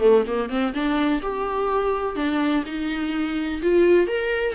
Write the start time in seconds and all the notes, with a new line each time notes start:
0.00 A3
0.27 A#3
0.49 C4
0.73 D4
1.22 G4
2.16 D4
2.66 D#4
3.62 F4
4.07 A#4